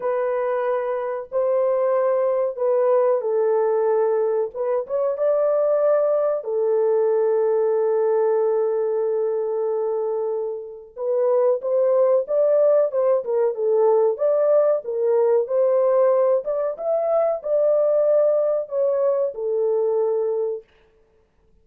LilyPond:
\new Staff \with { instrumentName = "horn" } { \time 4/4 \tempo 4 = 93 b'2 c''2 | b'4 a'2 b'8 cis''8 | d''2 a'2~ | a'1~ |
a'4 b'4 c''4 d''4 | c''8 ais'8 a'4 d''4 ais'4 | c''4. d''8 e''4 d''4~ | d''4 cis''4 a'2 | }